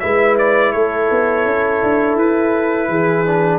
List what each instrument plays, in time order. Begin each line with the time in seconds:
0.00 tuba G#3, trombone E4, horn B4, trumpet E5
0.38 trumpet D5
0.72 tuba A3, horn A4, trumpet C#5
1.11 tuba B3
1.46 tuba C#4
1.83 tuba D4
2.16 tuba E4, trumpet B4
2.88 tuba E3, horn G#4
3.27 trombone D4